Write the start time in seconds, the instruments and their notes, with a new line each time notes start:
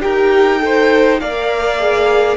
0.00 cello D#4, viola G4, violin A#4 G5
0.59 viola A4, violin C5
1.19 cello A#3, viola A#4, violin D5 F5
1.78 viola G#4